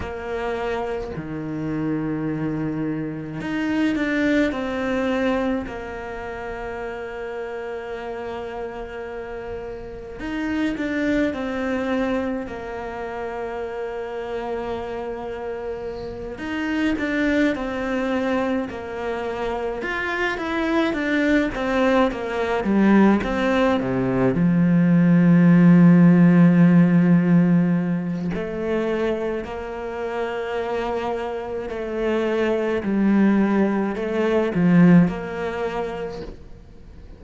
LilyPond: \new Staff \with { instrumentName = "cello" } { \time 4/4 \tempo 4 = 53 ais4 dis2 dis'8 d'8 | c'4 ais2.~ | ais4 dis'8 d'8 c'4 ais4~ | ais2~ ais8 dis'8 d'8 c'8~ |
c'8 ais4 f'8 e'8 d'8 c'8 ais8 | g8 c'8 c8 f2~ f8~ | f4 a4 ais2 | a4 g4 a8 f8 ais4 | }